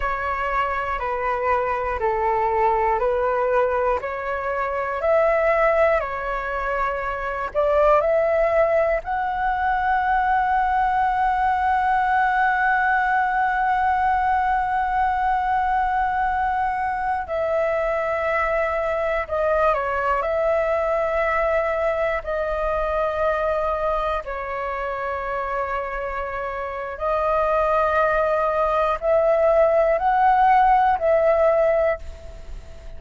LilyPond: \new Staff \with { instrumentName = "flute" } { \time 4/4 \tempo 4 = 60 cis''4 b'4 a'4 b'4 | cis''4 e''4 cis''4. d''8 | e''4 fis''2.~ | fis''1~ |
fis''4~ fis''16 e''2 dis''8 cis''16~ | cis''16 e''2 dis''4.~ dis''16~ | dis''16 cis''2~ cis''8. dis''4~ | dis''4 e''4 fis''4 e''4 | }